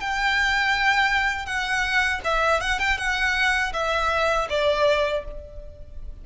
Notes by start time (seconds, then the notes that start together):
0.00 G5
1.46 F#5
2.24 E5
2.60 F#5
2.79 G5
2.98 F#5
3.73 E5
4.49 D5